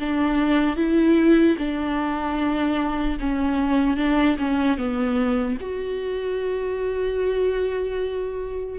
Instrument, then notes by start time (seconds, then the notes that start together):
viola
0.00 D4
0.77 E4
1.59 D4
3.20 C#4
3.97 D4
4.39 C#4
4.78 B3
5.61 F#4